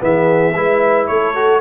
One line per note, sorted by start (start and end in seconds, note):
0.00 0.55 E3
0.00 0.54 B3
0.00 0.55 G#4
0.00 1.07 E5
0.55 1.09 G#3
0.55 1.35 E4
0.55 1.08 B4
1.07 1.61 A3
1.07 1.61 A4
1.07 1.60 C#5
1.35 1.61 F#4